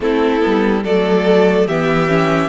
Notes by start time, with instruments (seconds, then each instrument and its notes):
0.00 cello A3, viola C4, violin E4 A4
0.40 cello G3, viola B3
0.83 cello F#3, viola A3, violin A4 D5
1.66 cello E3, viola B3, violin G4 E5
2.07 viola C#4